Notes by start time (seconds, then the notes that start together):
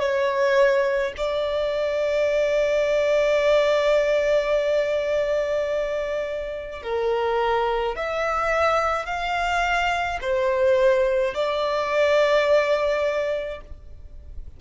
0.00 C#5
1.17 D5
6.83 A#4
7.97 E5
9.06 F5
10.22 C5
11.35 D5